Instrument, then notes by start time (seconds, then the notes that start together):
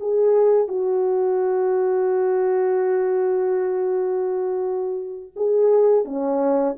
horn
0.00 G#4
0.68 F#4
5.36 G#4
6.04 C#4